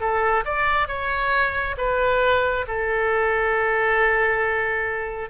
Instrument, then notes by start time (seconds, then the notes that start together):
oboe
0.00 A4
0.45 D5
0.88 C#5
1.78 B4
2.67 A4